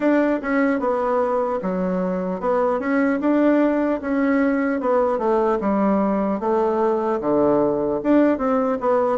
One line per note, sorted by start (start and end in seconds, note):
0.00 0.40 D4
0.42 0.79 C#4
0.79 1.59 B3
1.61 2.40 F#3
2.40 2.79 B3
2.79 3.19 C#4
3.20 4.00 D4
4.01 4.80 C#4
4.80 5.18 B3
5.18 5.58 A3
5.60 6.40 G3
6.40 7.20 A3
7.20 8.00 D3
8.03 8.38 D4
8.38 8.78 C4
8.80 9.18 B3